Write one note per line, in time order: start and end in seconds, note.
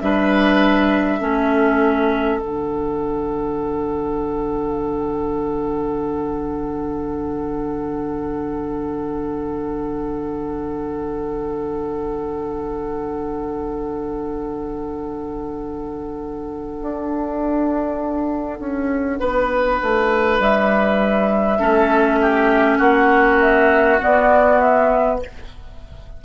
0.00 1.21 G3
0.00 1.20 D4
0.00 1.19 B4
0.00 2.40 E5
1.19 2.41 A3
1.19 2.40 C#4
1.19 19.19 A4
2.40 16.80 D3
2.40 21.59 D4
2.40 20.39 F#5
16.81 18.59 D4
18.59 19.20 C#4
19.20 19.80 B3
19.20 21.59 B4
19.82 20.39 A3
20.39 21.59 G3
20.39 22.80 E5
21.59 22.79 A3
21.59 24.00 C#4
21.59 22.19 A4
22.21 22.78 G4
22.78 23.99 A#3
22.78 25.18 F#4
22.78 23.39 F#5
23.40 24.00 E5
24.01 25.21 B3
24.01 25.24 B3
24.01 24.59 D5
24.59 25.20 E5